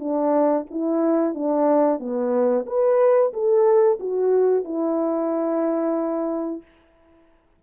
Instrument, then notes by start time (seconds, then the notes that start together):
horn
0.00 D4
0.71 E4
1.35 D4
2.00 B3
2.67 B4
3.33 A4
4.00 F#4
4.65 E4